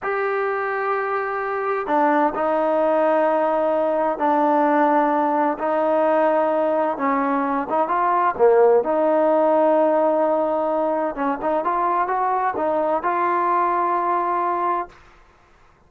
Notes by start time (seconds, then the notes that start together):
0.03 G4
1.86 D4
2.34 D#4
4.18 D4
5.58 D#4
6.97 C#4
7.69 D#4
7.88 F4
8.37 A#3
8.83 D#4
11.15 C#4
11.41 D#4
11.64 F4
12.07 F#4
12.56 D#4
13.02 F4